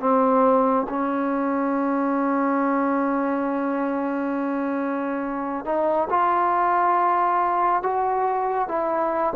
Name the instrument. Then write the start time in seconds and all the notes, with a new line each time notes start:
trombone
0.00 C4
0.89 C#4
5.65 D#4
6.10 F4
7.83 F#4
8.68 E4